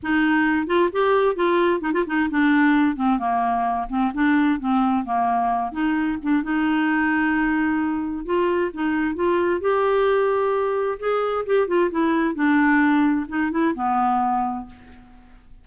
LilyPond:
\new Staff \with { instrumentName = "clarinet" } { \time 4/4 \tempo 4 = 131 dis'4. f'8 g'4 f'4 | dis'16 f'16 dis'8 d'4. c'8 ais4~ | ais8 c'8 d'4 c'4 ais4~ | ais8 dis'4 d'8 dis'2~ |
dis'2 f'4 dis'4 | f'4 g'2. | gis'4 g'8 f'8 e'4 d'4~ | d'4 dis'8 e'8 b2 | }